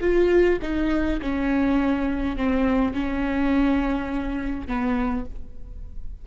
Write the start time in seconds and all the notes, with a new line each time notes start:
0.00 F4
0.62 D#4
1.21 C#4
2.36 C4
2.93 C#4
4.67 B3